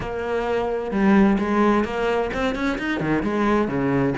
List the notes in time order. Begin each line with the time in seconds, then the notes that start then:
0.00 A#3
0.91 G3
1.38 G#3
1.84 A#3
2.33 C4
2.55 C#4
2.78 D#4
3.00 D#3
3.22 G#3
3.68 C#3